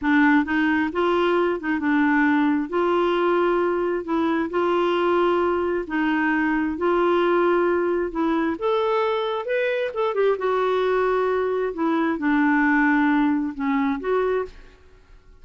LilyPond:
\new Staff \with { instrumentName = "clarinet" } { \time 4/4 \tempo 4 = 133 d'4 dis'4 f'4. dis'8 | d'2 f'2~ | f'4 e'4 f'2~ | f'4 dis'2 f'4~ |
f'2 e'4 a'4~ | a'4 b'4 a'8 g'8 fis'4~ | fis'2 e'4 d'4~ | d'2 cis'4 fis'4 | }